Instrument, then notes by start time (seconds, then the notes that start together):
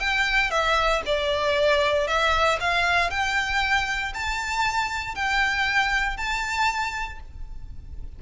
violin
0.00 G5
0.51 E5
1.06 D5
2.08 E5
2.60 F5
3.10 G5
4.14 A5
5.15 G5
6.17 A5